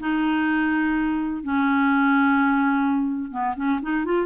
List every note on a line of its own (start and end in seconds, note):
0.00 1.43 D#4
1.43 3.31 C#4
3.31 3.55 B3
3.56 3.80 C#4
3.82 4.05 D#4
4.05 4.26 F4